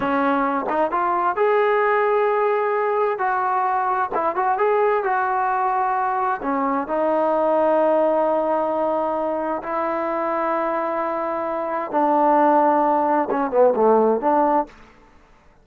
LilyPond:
\new Staff \with { instrumentName = "trombone" } { \time 4/4 \tempo 4 = 131 cis'4. dis'8 f'4 gis'4~ | gis'2. fis'4~ | fis'4 e'8 fis'8 gis'4 fis'4~ | fis'2 cis'4 dis'4~ |
dis'1~ | dis'4 e'2.~ | e'2 d'2~ | d'4 cis'8 b8 a4 d'4 | }